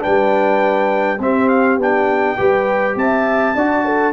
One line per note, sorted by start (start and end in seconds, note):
0.00 1.18 D4
0.00 1.19 B4
0.00 1.21 G5
0.06 1.19 G3
1.19 1.78 C4
1.19 1.80 C4
1.19 2.38 G4
1.19 1.49 E5
1.49 1.78 F5
1.78 2.37 B3
1.78 2.38 D4
1.78 2.98 G5
2.38 2.96 G3
2.38 3.55 G4
2.38 2.97 B4
2.96 3.55 C4
2.96 3.56 E5
2.96 4.14 A5
3.55 4.14 D4
3.55 4.14 F#4
3.55 3.85 D5
3.85 4.14 A4